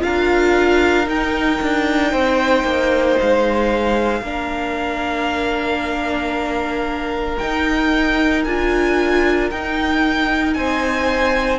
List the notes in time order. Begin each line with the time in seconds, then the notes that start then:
0.00 D4 F4 A#4 F5
1.05 D#4 G5
1.62 D4
2.11 C4 C5
2.64 A#3
3.20 G#3 F5
4.21 A#3 D4 A#4
7.38 D#4 G5
8.45 D4 F4 G#5
9.51 D#4 G5
10.54 C4 C5 G#5